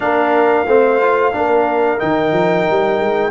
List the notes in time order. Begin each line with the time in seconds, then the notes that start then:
0.00 A#3 D4 A#4 F5
0.66 A3 C4 C5
1.00 F4
1.32 A#3 D4 A#4
1.98 D#3 D#4 G5
2.32 F3
2.69 G3
3.00 G#3